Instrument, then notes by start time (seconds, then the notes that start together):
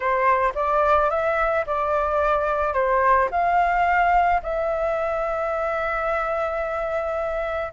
flute
0.00 C5
0.54 D5
1.09 E5
1.66 D5
2.73 C5
3.31 F5
4.42 E5